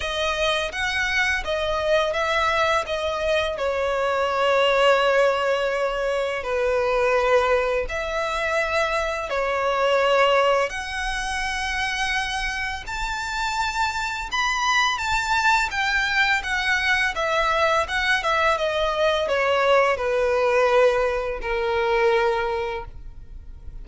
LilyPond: \new Staff \with { instrumentName = "violin" } { \time 4/4 \tempo 4 = 84 dis''4 fis''4 dis''4 e''4 | dis''4 cis''2.~ | cis''4 b'2 e''4~ | e''4 cis''2 fis''4~ |
fis''2 a''2 | b''4 a''4 g''4 fis''4 | e''4 fis''8 e''8 dis''4 cis''4 | b'2 ais'2 | }